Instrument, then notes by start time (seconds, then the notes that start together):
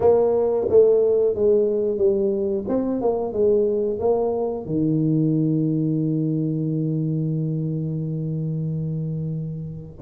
tuba
0.00 A#3
0.68 A3
1.35 G#3
1.97 G3
2.68 C4
3.01 A#3
3.32 G#3
3.99 A#3
4.65 D#3